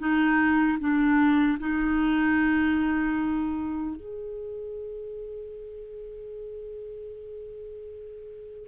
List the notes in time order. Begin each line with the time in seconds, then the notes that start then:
0.00 D#4
0.80 D4
1.60 D#4
3.97 G#4